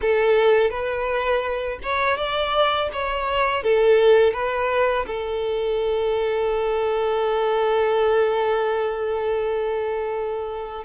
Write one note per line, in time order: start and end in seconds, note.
0.01 0.70 A4
0.70 1.78 B4
1.82 2.17 C#5
2.17 2.89 D5
2.92 3.63 C#5
3.63 4.33 A4
4.33 5.05 B4
5.06 10.84 A4